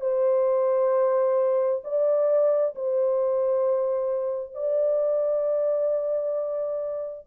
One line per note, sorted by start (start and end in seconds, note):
0.00 1.82 C5
1.83 2.74 D5
2.75 4.54 C5
4.54 7.26 D5